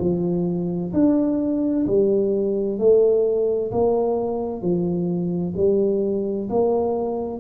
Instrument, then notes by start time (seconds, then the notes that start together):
tuba
0.00 F3
0.94 D4
1.87 G3
2.79 A3
3.72 A#3
4.62 F3
5.57 G3
6.50 A#3